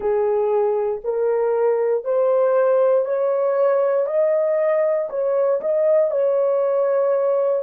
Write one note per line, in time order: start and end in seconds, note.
0.00 1.01 G#4
1.04 2.04 A#4
2.04 3.05 C5
3.05 4.06 C#5
4.06 5.08 D#5
5.09 5.60 C#5
5.61 6.11 D#5
6.11 7.62 C#5